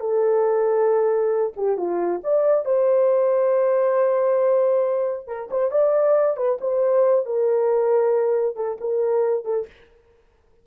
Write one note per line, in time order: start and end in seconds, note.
0.00 1.53 A4
1.56 1.77 G4
1.77 2.21 F4
2.24 2.65 D5
2.65 5.27 C5
5.27 5.49 A#4
5.51 5.71 C5
5.71 6.37 D5
6.37 6.59 B4
6.61 7.25 C5
7.25 8.56 A#4
8.56 8.78 A4
8.80 9.45 A#4
9.45 9.67 A4